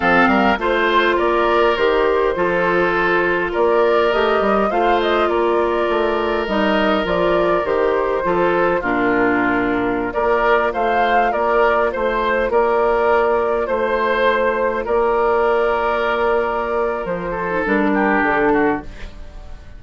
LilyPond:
<<
  \new Staff \with { instrumentName = "flute" } { \time 4/4 \tempo 4 = 102 f''4 c''4 d''4 c''4~ | c''2 d''4 dis''4 | f''8 dis''8 d''2 dis''4 | d''4 c''2 ais'4~ |
ais'4~ ais'16 d''4 f''4 d''8.~ | d''16 c''4 d''2 c''8.~ | c''4~ c''16 d''2~ d''8.~ | d''4 c''4 ais'4 a'4 | }
  \new Staff \with { instrumentName = "oboe" } { \time 4/4 a'8 ais'8 c''4 ais'2 | a'2 ais'2 | c''4 ais'2.~ | ais'2 a'4 f'4~ |
f'4~ f'16 ais'4 c''4 ais'8.~ | ais'16 c''4 ais'2 c''8.~ | c''4~ c''16 ais'2~ ais'8.~ | ais'4. a'4 g'4 fis'8 | }
  \new Staff \with { instrumentName = "clarinet" } { \time 4/4 c'4 f'2 g'4 | f'2. g'4 | f'2. dis'4 | f'4 g'4 f'4 d'4~ |
d'4~ d'16 f'2~ f'8.~ | f'1~ | f'1~ | f'4.~ f'16 dis'16 d'2 | }
  \new Staff \with { instrumentName = "bassoon" } { \time 4/4 f8 g8 a4 ais4 dis4 | f2 ais4 a8 g8 | a4 ais4 a4 g4 | f4 dis4 f4 ais,4~ |
ais,4~ ais,16 ais4 a4 ais8.~ | ais16 a4 ais2 a8.~ | a4~ a16 ais2~ ais8.~ | ais4 f4 g4 d4 | }
>>